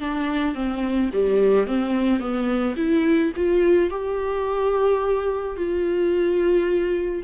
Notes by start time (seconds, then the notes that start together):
0.00 D4
0.55 C4
1.13 G3
1.67 C4
2.20 B3
2.77 E4
3.37 F4
3.90 G4
5.57 F4